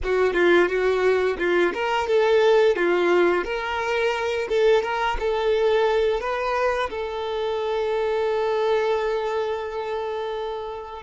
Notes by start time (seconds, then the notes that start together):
0.03 F#4
0.33 F4
0.68 F#4
1.38 F4
1.74 A#4
2.07 A4
2.76 F4
3.44 A#4
4.48 A4
4.82 A#4
5.19 A4
6.20 B4
6.90 A4